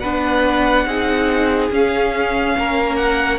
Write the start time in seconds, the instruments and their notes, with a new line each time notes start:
0.00 cello B3, viola D4, violin B4 F#5
0.86 cello C4, viola D#4, violin G#4
1.71 cello C#4, viola C#4, violin F5
2.58 cello A#3, violin A#4
2.96 violin F#5